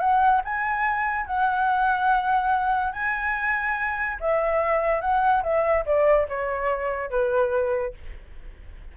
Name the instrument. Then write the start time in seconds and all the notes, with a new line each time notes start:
flute
0.00 F#5
0.45 G#5
1.26 F#5
2.93 G#5
4.20 E5
5.01 F#5
5.43 E5
5.86 D5
6.29 C#5
7.11 B4